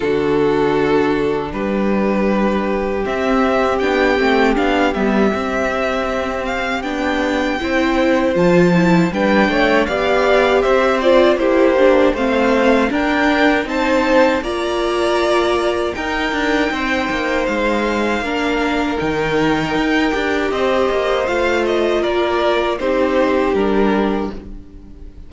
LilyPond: <<
  \new Staff \with { instrumentName = "violin" } { \time 4/4 \tempo 4 = 79 a'2 b'2 | e''4 g''4 f''8 e''4.~ | e''8 f''8 g''2 a''4 | g''4 f''4 e''8 d''8 c''4 |
f''4 g''4 a''4 ais''4~ | ais''4 g''2 f''4~ | f''4 g''2 dis''4 | f''8 dis''8 d''4 c''4 ais'4 | }
  \new Staff \with { instrumentName = "violin" } { \time 4/4 fis'2 g'2~ | g'1~ | g'2 c''2 | b'8 cis''8 d''4 c''4 g'4 |
c''4 ais'4 c''4 d''4~ | d''4 ais'4 c''2 | ais'2. c''4~ | c''4 ais'4 g'2 | }
  \new Staff \with { instrumentName = "viola" } { \time 4/4 d'1 | c'4 d'8 c'8 d'8 b8 c'4~ | c'4 d'4 e'4 f'8 e'8 | d'4 g'4. f'8 e'8 d'8 |
c'4 d'4 dis'4 f'4~ | f'4 dis'2. | d'4 dis'4. g'4. | f'2 dis'4 d'4 | }
  \new Staff \with { instrumentName = "cello" } { \time 4/4 d2 g2 | c'4 b8 a8 b8 g8 c'4~ | c'4 b4 c'4 f4 | g8 a8 b4 c'4 ais4 |
a4 d'4 c'4 ais4~ | ais4 dis'8 d'8 c'8 ais8 gis4 | ais4 dis4 dis'8 d'8 c'8 ais8 | a4 ais4 c'4 g4 | }
>>